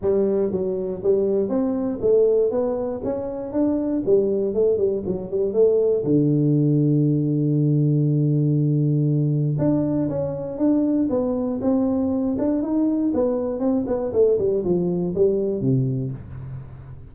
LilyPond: \new Staff \with { instrumentName = "tuba" } { \time 4/4 \tempo 4 = 119 g4 fis4 g4 c'4 | a4 b4 cis'4 d'4 | g4 a8 g8 fis8 g8 a4 | d1~ |
d2. d'4 | cis'4 d'4 b4 c'4~ | c'8 d'8 dis'4 b4 c'8 b8 | a8 g8 f4 g4 c4 | }